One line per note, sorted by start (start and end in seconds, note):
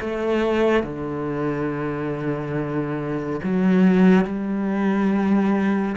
0.00 0.83 A3
0.83 3.40 D3
3.43 4.25 F#3
4.25 5.96 G3